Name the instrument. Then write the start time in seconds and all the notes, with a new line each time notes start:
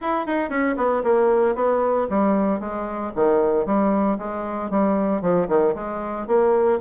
bassoon
0.01 E4
0.26 D#4
0.49 C#4
0.76 B3
1.03 A#3
1.55 B3
2.09 G3
2.60 G#3
3.15 D#3
3.65 G3
4.18 G#3
4.70 G3
5.21 F3
5.48 D#3
5.75 G#3
6.27 A#3